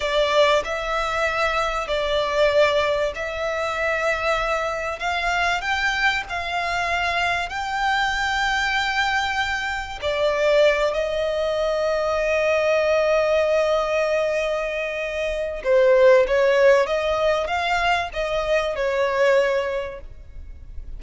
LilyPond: \new Staff \with { instrumentName = "violin" } { \time 4/4 \tempo 4 = 96 d''4 e''2 d''4~ | d''4 e''2. | f''4 g''4 f''2 | g''1 |
d''4. dis''2~ dis''8~ | dis''1~ | dis''4 c''4 cis''4 dis''4 | f''4 dis''4 cis''2 | }